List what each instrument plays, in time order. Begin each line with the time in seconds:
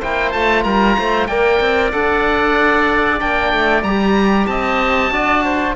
0.00 cello A#3, trombone E4, oboe C5 G5
0.32 cello A3, trombone F4, oboe A5
0.63 cello G3, oboe A#4 A#5
0.99 cello A3, oboe C5
1.27 cello A#3, trombone A#4, oboe D5 G5
1.61 cello C4
1.92 cello D4, trombone A4, oboe F#5
3.19 cello A#3, trombone D4, oboe G5
3.53 cello A3
3.83 cello G3, trombone G4, oboe A#5
4.47 cello C4, oboe D#5 A5
5.11 cello D4, trombone F#4, oboe D5
5.45 oboe C5